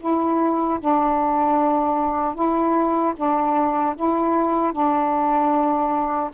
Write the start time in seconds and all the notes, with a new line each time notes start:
0.00 E4
0.80 D4
2.35 E4
3.16 D4
3.96 E4
4.72 D4